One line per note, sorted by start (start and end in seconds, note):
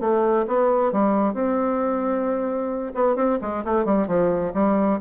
0.00 0.45 A3
0.47 0.92 B3
0.92 1.33 G3
1.33 2.93 C4
2.95 3.16 B3
3.16 3.38 C4
3.41 3.64 G#3
3.64 3.85 A3
3.85 4.07 G3
4.07 4.53 F3
4.54 4.99 G3